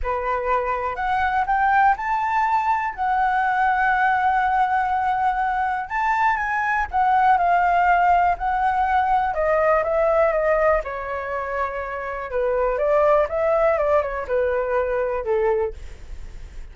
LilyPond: \new Staff \with { instrumentName = "flute" } { \time 4/4 \tempo 4 = 122 b'2 fis''4 g''4 | a''2 fis''2~ | fis''1 | a''4 gis''4 fis''4 f''4~ |
f''4 fis''2 dis''4 | e''4 dis''4 cis''2~ | cis''4 b'4 d''4 e''4 | d''8 cis''8 b'2 a'4 | }